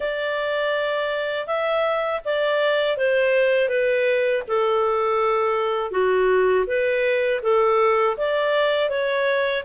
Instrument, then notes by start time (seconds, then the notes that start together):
clarinet
0.00 D5
1.46 E5
2.24 D5
2.97 C5
3.68 B4
4.47 A4
5.91 F#4
6.66 B4
7.42 A4
8.17 D5
8.89 C#5